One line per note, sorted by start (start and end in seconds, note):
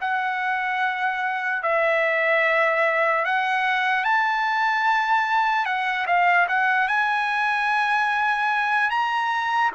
0.00 1.62 F#5
1.62 3.24 E5
3.25 4.04 F#5
4.04 5.65 A5
5.65 6.06 F#5
6.06 6.47 F5
6.48 6.88 F#5
6.88 8.90 G#5
8.90 9.71 A#5